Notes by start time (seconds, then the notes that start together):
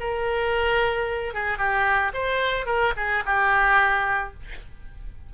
0.00 A#4
1.34 G#4
1.58 G4
2.14 C5
2.66 A#4
2.97 G#4
3.26 G4